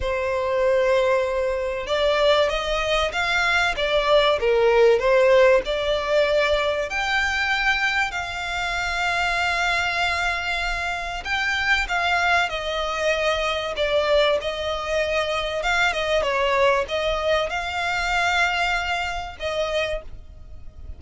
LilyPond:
\new Staff \with { instrumentName = "violin" } { \time 4/4 \tempo 4 = 96 c''2. d''4 | dis''4 f''4 d''4 ais'4 | c''4 d''2 g''4~ | g''4 f''2.~ |
f''2 g''4 f''4 | dis''2 d''4 dis''4~ | dis''4 f''8 dis''8 cis''4 dis''4 | f''2. dis''4 | }